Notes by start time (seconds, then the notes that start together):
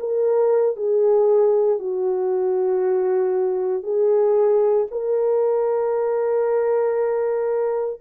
0.00 A#4
0.77 G#4
1.79 F#4
3.83 G#4
4.91 A#4